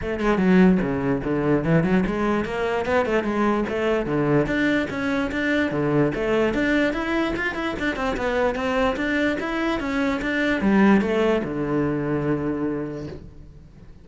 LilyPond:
\new Staff \with { instrumentName = "cello" } { \time 4/4 \tempo 4 = 147 a8 gis8 fis4 cis4 d4 | e8 fis8 gis4 ais4 b8 a8 | gis4 a4 d4 d'4 | cis'4 d'4 d4 a4 |
d'4 e'4 f'8 e'8 d'8 c'8 | b4 c'4 d'4 e'4 | cis'4 d'4 g4 a4 | d1 | }